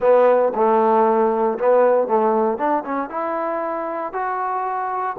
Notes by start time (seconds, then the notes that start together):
0.00 B3
0.55 A3
1.58 B3
2.07 A3
2.57 D4
2.84 C#4
3.09 E4
4.12 F#4